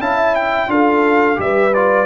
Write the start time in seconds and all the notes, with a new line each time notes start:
0.00 C#4 E4 F5 A5
0.18 E5
0.36 G5
0.68 D4 F4 A4 F5
1.36 G3 G4 E5
1.43 B4
1.74 F4 D5